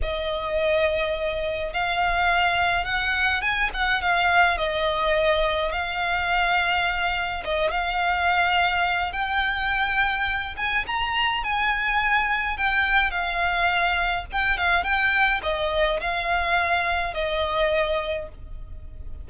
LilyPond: \new Staff \with { instrumentName = "violin" } { \time 4/4 \tempo 4 = 105 dis''2. f''4~ | f''4 fis''4 gis''8 fis''8 f''4 | dis''2 f''2~ | f''4 dis''8 f''2~ f''8 |
g''2~ g''8 gis''8 ais''4 | gis''2 g''4 f''4~ | f''4 g''8 f''8 g''4 dis''4 | f''2 dis''2 | }